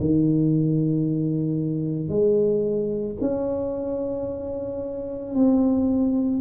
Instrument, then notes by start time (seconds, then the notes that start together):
tuba
0.00 D#3
2.08 G#3
3.20 C#4
5.35 C4